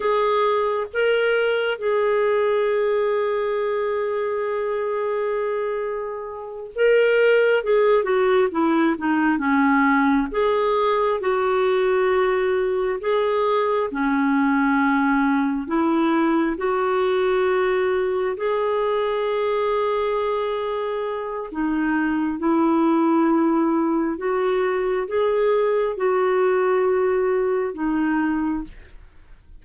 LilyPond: \new Staff \with { instrumentName = "clarinet" } { \time 4/4 \tempo 4 = 67 gis'4 ais'4 gis'2~ | gis'2.~ gis'8 ais'8~ | ais'8 gis'8 fis'8 e'8 dis'8 cis'4 gis'8~ | gis'8 fis'2 gis'4 cis'8~ |
cis'4. e'4 fis'4.~ | fis'8 gis'2.~ gis'8 | dis'4 e'2 fis'4 | gis'4 fis'2 dis'4 | }